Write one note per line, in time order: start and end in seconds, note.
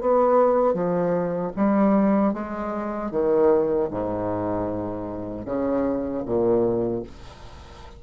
0.00 0.74 B3
0.74 1.52 F3
1.56 2.33 G3
2.33 3.11 G#3
3.11 3.89 D#3
3.90 5.45 G#2
5.45 6.23 C#3
6.25 7.03 A#2